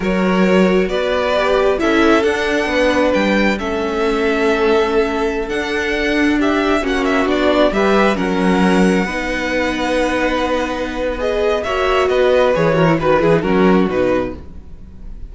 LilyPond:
<<
  \new Staff \with { instrumentName = "violin" } { \time 4/4 \tempo 4 = 134 cis''2 d''2 | e''4 fis''2 g''4 | e''1~ | e''16 fis''2 e''4 fis''8 e''16~ |
e''16 d''4 e''4 fis''4.~ fis''16~ | fis''1~ | fis''4 dis''4 e''4 dis''4 | cis''4 b'8 gis'8 ais'4 b'4 | }
  \new Staff \with { instrumentName = "violin" } { \time 4/4 ais'2 b'2 | a'2 b'2 | a'1~ | a'2~ a'16 g'4 fis'8.~ |
fis'4~ fis'16 b'4 ais'4.~ ais'16~ | ais'16 b'2.~ b'8.~ | b'2 cis''4 b'4~ | b'8 ais'8 b'4 fis'2 | }
  \new Staff \with { instrumentName = "viola" } { \time 4/4 fis'2. g'4 | e'4 d'2. | cis'1~ | cis'16 d'2. cis'8.~ |
cis'16 d'4 g'4 cis'4.~ cis'16~ | cis'16 dis'2.~ dis'8.~ | dis'4 gis'4 fis'2 | gis'8 fis'16 e'16 fis'8 e'16 dis'16 cis'4 dis'4 | }
  \new Staff \with { instrumentName = "cello" } { \time 4/4 fis2 b2 | cis'4 d'4 b4 g4 | a1~ | a16 d'2. ais8.~ |
ais16 b4 g4 fis4.~ fis16~ | fis16 b2.~ b8.~ | b2 ais4 b4 | e4 dis8 e8 fis4 b,4 | }
>>